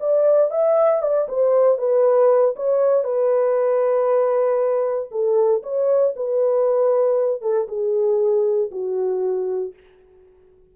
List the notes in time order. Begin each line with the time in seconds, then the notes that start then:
0.00 D5
0.50 E5
1.02 D5
1.28 C5
1.78 B4
2.56 C#5
3.04 B4
5.11 A4
5.63 C#5
6.16 B4
7.41 A4
7.68 G#4
8.71 F#4